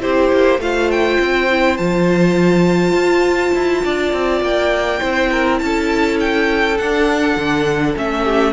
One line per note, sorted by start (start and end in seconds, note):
0.00 0.32 C4
0.00 0.59 E4
0.00 0.60 G4
0.00 0.61 C5
0.33 0.59 A#3
0.59 1.18 A3
0.59 1.50 F4
0.59 3.85 C5
0.59 0.91 F5
0.91 1.77 G5
1.20 1.79 C4
1.50 1.78 E4
1.77 2.93 F3
1.77 5.00 F4
1.77 4.42 A5
2.93 3.52 F4
3.55 3.84 E4
3.85 4.13 D4
3.85 5.00 D5
4.13 4.41 C4
4.41 5.00 A#3
4.41 5.59 G5
5.00 5.62 C4
5.00 6.77 E4
5.00 5.30 C5
5.31 5.61 A#4
5.59 6.79 C#4
5.59 6.18 A5
5.65 8.24 A4
6.20 6.78 G5
6.78 7.37 D4
6.78 7.96 D4
6.78 7.95 F#5
7.37 7.95 D3
7.96 8.53 A3
7.96 8.53 C#4
7.96 8.53 E5
8.24 8.53 G4